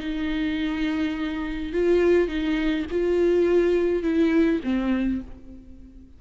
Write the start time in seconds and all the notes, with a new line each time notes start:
0.00 D#4
1.73 F4
2.29 D#4
2.91 F4
4.03 E4
4.64 C4